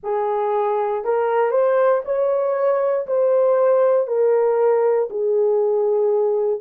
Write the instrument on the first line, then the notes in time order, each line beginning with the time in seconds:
horn
0.03 G#4
1.04 A#4
1.50 C5
2.04 C#5
3.06 C5
4.07 A#4
5.09 G#4